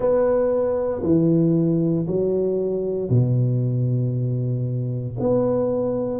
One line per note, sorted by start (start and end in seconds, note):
0.00 1.02 B3
1.03 2.06 E3
2.07 3.09 F#3
3.09 5.16 B2
5.19 6.20 B3